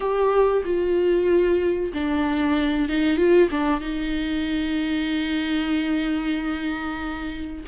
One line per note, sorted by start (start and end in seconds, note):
0.00 0.62 G4
0.64 1.92 F4
1.93 2.88 D4
2.88 3.17 D#4
3.17 3.49 F4
3.50 3.80 D4
3.80 7.63 D#4